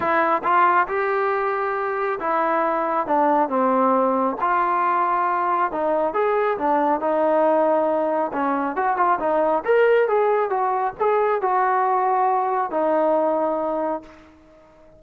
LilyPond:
\new Staff \with { instrumentName = "trombone" } { \time 4/4 \tempo 4 = 137 e'4 f'4 g'2~ | g'4 e'2 d'4 | c'2 f'2~ | f'4 dis'4 gis'4 d'4 |
dis'2. cis'4 | fis'8 f'8 dis'4 ais'4 gis'4 | fis'4 gis'4 fis'2~ | fis'4 dis'2. | }